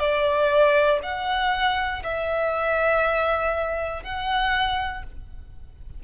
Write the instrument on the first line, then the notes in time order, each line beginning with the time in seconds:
violin
0.00 D5
1.03 F#5
2.04 E5
4.04 F#5